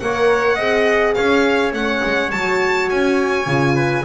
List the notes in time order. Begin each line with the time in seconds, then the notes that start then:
0.00 A#3 A#4 C#5 F#5
0.55 C4 G#4 D#5
1.14 C#4 C#5 F5
1.72 A3 C#4 F#5
2.04 G#3
2.31 F#3 F#4 A5
2.90 C#4 G#5
3.46 C#3 F4
3.75 B4